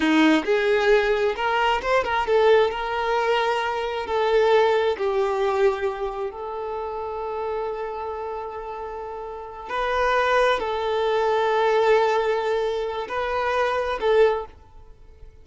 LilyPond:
\new Staff \with { instrumentName = "violin" } { \time 4/4 \tempo 4 = 133 dis'4 gis'2 ais'4 | c''8 ais'8 a'4 ais'2~ | ais'4 a'2 g'4~ | g'2 a'2~ |
a'1~ | a'4. b'2 a'8~ | a'1~ | a'4 b'2 a'4 | }